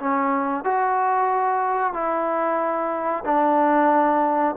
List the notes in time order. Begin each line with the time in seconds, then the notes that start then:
0.00 C#4
0.65 F#4
1.94 E4
3.25 D4